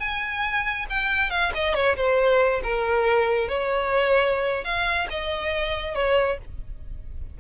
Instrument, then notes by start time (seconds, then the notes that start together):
violin
0.00 G#5
0.90 G5
1.31 F5
1.55 D#5
1.75 C#5
1.97 C5
2.64 A#4
3.49 C#5
4.65 F5
5.10 D#5
5.95 C#5